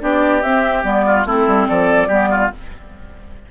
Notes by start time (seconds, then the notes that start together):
0.00 B3 D4 G4 D5
0.42 C4 E5
0.83 G3 B3 D5
1.06 F4
1.25 A3 C4 E4 A4
1.47 G3
1.68 F3 A4 D5
2.08 G3 B3 G4
2.30 F4